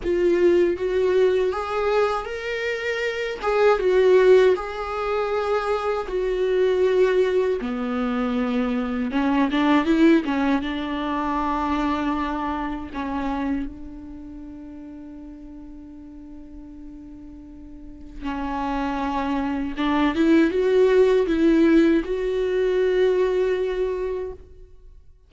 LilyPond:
\new Staff \with { instrumentName = "viola" } { \time 4/4 \tempo 4 = 79 f'4 fis'4 gis'4 ais'4~ | ais'8 gis'8 fis'4 gis'2 | fis'2 b2 | cis'8 d'8 e'8 cis'8 d'2~ |
d'4 cis'4 d'2~ | d'1 | cis'2 d'8 e'8 fis'4 | e'4 fis'2. | }